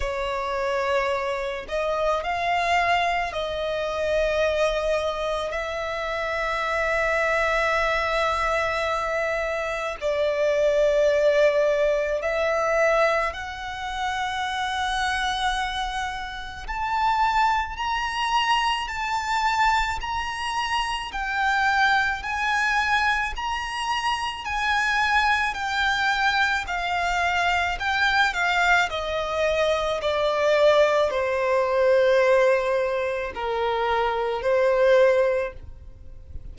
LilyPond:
\new Staff \with { instrumentName = "violin" } { \time 4/4 \tempo 4 = 54 cis''4. dis''8 f''4 dis''4~ | dis''4 e''2.~ | e''4 d''2 e''4 | fis''2. a''4 |
ais''4 a''4 ais''4 g''4 | gis''4 ais''4 gis''4 g''4 | f''4 g''8 f''8 dis''4 d''4 | c''2 ais'4 c''4 | }